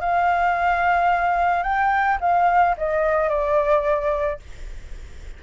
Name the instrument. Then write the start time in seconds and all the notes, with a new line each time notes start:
flute
0.00 F5
1.63 G5
2.20 F5
2.77 D#5
3.29 D5